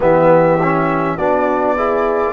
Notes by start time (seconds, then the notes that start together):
0.00 E3 B3 G4 E5
0.62 C#4
1.16 B3 D4 F#4 D5
1.76 E4 G#4